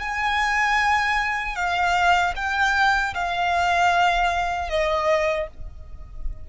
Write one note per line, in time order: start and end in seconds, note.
0.00 1.55 G#5
1.55 2.33 F5
2.35 3.13 G5
3.14 4.69 F5
4.69 5.47 D#5